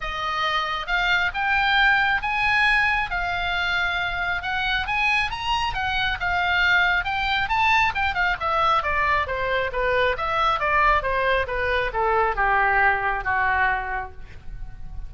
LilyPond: \new Staff \with { instrumentName = "oboe" } { \time 4/4 \tempo 4 = 136 dis''2 f''4 g''4~ | g''4 gis''2 f''4~ | f''2 fis''4 gis''4 | ais''4 fis''4 f''2 |
g''4 a''4 g''8 f''8 e''4 | d''4 c''4 b'4 e''4 | d''4 c''4 b'4 a'4 | g'2 fis'2 | }